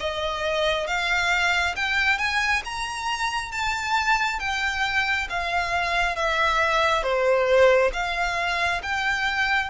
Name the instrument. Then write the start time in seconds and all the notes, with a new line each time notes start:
violin
0.00 D#5
0.87 F5
1.76 G5
2.18 G#5
2.65 A#5
3.52 A5
4.40 G5
5.30 F5
6.16 E5
7.03 C5
7.93 F5
8.83 G5